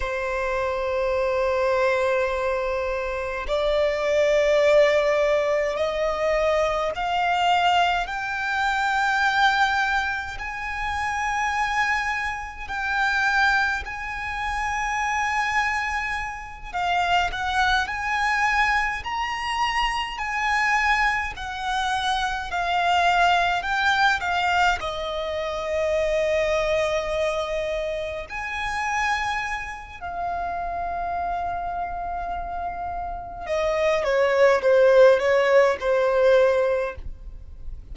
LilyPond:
\new Staff \with { instrumentName = "violin" } { \time 4/4 \tempo 4 = 52 c''2. d''4~ | d''4 dis''4 f''4 g''4~ | g''4 gis''2 g''4 | gis''2~ gis''8 f''8 fis''8 gis''8~ |
gis''8 ais''4 gis''4 fis''4 f''8~ | f''8 g''8 f''8 dis''2~ dis''8~ | dis''8 gis''4. f''2~ | f''4 dis''8 cis''8 c''8 cis''8 c''4 | }